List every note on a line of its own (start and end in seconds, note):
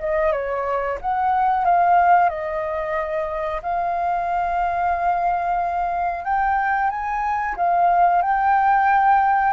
0.00 0.33 D#5
0.33 0.99 C#5
1.02 1.65 F#5
1.65 2.30 F5
2.30 3.62 D#5
3.63 6.25 F5
6.25 6.90 G5
6.90 7.56 G#5
7.57 8.23 F5
8.23 9.54 G5